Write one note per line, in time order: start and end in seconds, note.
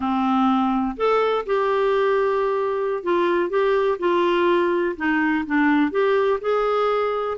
0.00 0.96 C4
0.96 1.45 A4
1.45 3.03 G4
3.03 3.49 F4
3.49 3.98 G4
3.99 4.95 F4
4.96 5.45 D#4
5.45 5.91 D4
5.91 6.39 G4
6.40 7.37 G#4